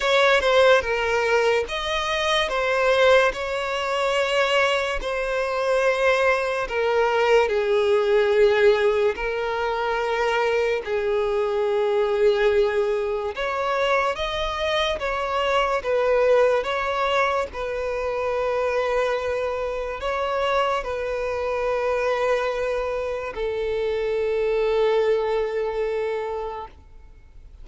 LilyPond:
\new Staff \with { instrumentName = "violin" } { \time 4/4 \tempo 4 = 72 cis''8 c''8 ais'4 dis''4 c''4 | cis''2 c''2 | ais'4 gis'2 ais'4~ | ais'4 gis'2. |
cis''4 dis''4 cis''4 b'4 | cis''4 b'2. | cis''4 b'2. | a'1 | }